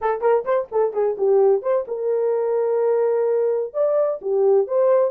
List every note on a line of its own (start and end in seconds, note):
0.01 0.21 A4
0.21 0.44 A#4
0.45 0.68 C5
0.71 0.93 A4
0.93 1.16 G#4
1.17 1.62 G4
1.62 1.85 C5
1.87 3.73 A#4
3.73 4.20 D5
4.21 4.67 G4
4.67 5.11 C5